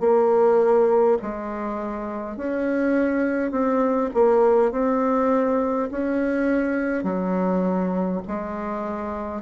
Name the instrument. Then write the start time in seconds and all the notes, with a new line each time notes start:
bassoon
0.00 A#3
1.22 G#3
2.36 C#4
3.51 C4
4.14 A#3
4.72 C4
5.91 C#4
7.04 F#3
8.28 G#3